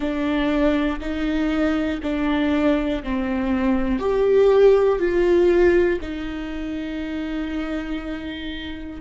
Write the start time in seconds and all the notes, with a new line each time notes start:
0.00 D4
1.00 D#4
2.02 D4
3.03 C4
3.99 G4
4.99 F4
6.01 D#4